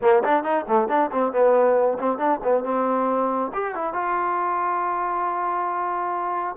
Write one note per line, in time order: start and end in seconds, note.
0.01 0.23 A#3
0.23 0.43 D4
0.43 0.65 D#4
0.67 0.88 A3
0.88 1.10 D4
1.11 1.32 C4
1.32 1.98 B3
1.98 2.17 C4
2.17 2.39 D4
2.43 2.64 B3
2.64 3.51 C4
3.53 3.74 G4
3.74 3.93 E4
3.93 6.56 F4